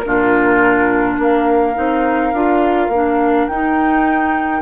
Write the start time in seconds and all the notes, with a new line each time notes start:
0.00 A#2 D4 F4 A#4
1.18 A#3 A#4 F5
1.74 C4 D#4
2.33 D4 F4
2.88 A#3 D4
3.47 D#4 G5